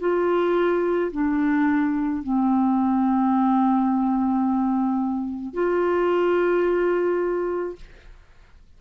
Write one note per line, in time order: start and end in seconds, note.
0.00 1.11 F4
1.12 2.22 D4
2.22 5.53 C4
5.53 7.75 F4